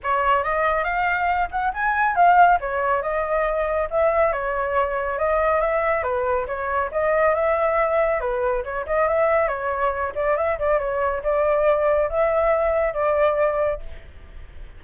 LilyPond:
\new Staff \with { instrumentName = "flute" } { \time 4/4 \tempo 4 = 139 cis''4 dis''4 f''4. fis''8 | gis''4 f''4 cis''4 dis''4~ | dis''4 e''4 cis''2 | dis''4 e''4 b'4 cis''4 |
dis''4 e''2 b'4 | cis''8 dis''8 e''4 cis''4. d''8 | e''8 d''8 cis''4 d''2 | e''2 d''2 | }